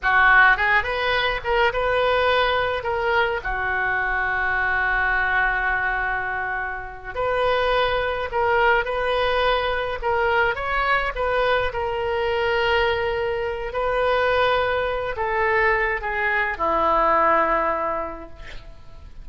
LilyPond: \new Staff \with { instrumentName = "oboe" } { \time 4/4 \tempo 4 = 105 fis'4 gis'8 b'4 ais'8 b'4~ | b'4 ais'4 fis'2~ | fis'1~ | fis'8 b'2 ais'4 b'8~ |
b'4. ais'4 cis''4 b'8~ | b'8 ais'2.~ ais'8 | b'2~ b'8 a'4. | gis'4 e'2. | }